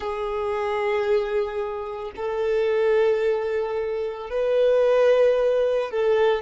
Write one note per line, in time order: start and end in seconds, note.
0.00 2.11 G#4
2.16 4.30 A4
4.30 5.90 B4
5.90 6.42 A4